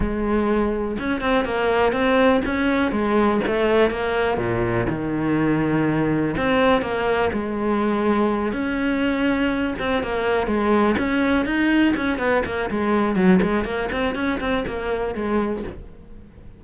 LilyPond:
\new Staff \with { instrumentName = "cello" } { \time 4/4 \tempo 4 = 123 gis2 cis'8 c'8 ais4 | c'4 cis'4 gis4 a4 | ais4 ais,4 dis2~ | dis4 c'4 ais4 gis4~ |
gis4. cis'2~ cis'8 | c'8 ais4 gis4 cis'4 dis'8~ | dis'8 cis'8 b8 ais8 gis4 fis8 gis8 | ais8 c'8 cis'8 c'8 ais4 gis4 | }